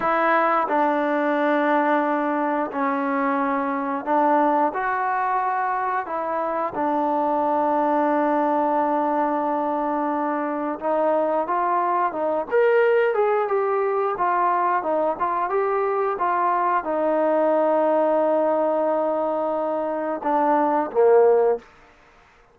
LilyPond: \new Staff \with { instrumentName = "trombone" } { \time 4/4 \tempo 4 = 89 e'4 d'2. | cis'2 d'4 fis'4~ | fis'4 e'4 d'2~ | d'1 |
dis'4 f'4 dis'8 ais'4 gis'8 | g'4 f'4 dis'8 f'8 g'4 | f'4 dis'2.~ | dis'2 d'4 ais4 | }